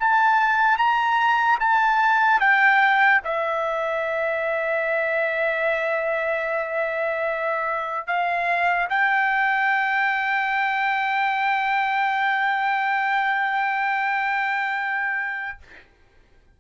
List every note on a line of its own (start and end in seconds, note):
0.00 0.78 A5
0.78 1.59 A#5
1.60 2.40 A5
2.40 3.21 G5
3.24 8.07 E5
8.07 8.89 F5
8.90 15.59 G5